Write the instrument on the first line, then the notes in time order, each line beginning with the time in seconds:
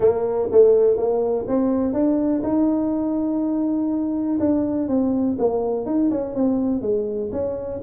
tuba
0.00 A#3
0.51 A3
0.96 A#3
1.47 C4
1.93 D4
2.43 D#4
4.39 D4
4.88 C4
5.38 A#3
5.85 D#4
6.11 C#4
6.34 C4
6.81 G#3
7.32 C#4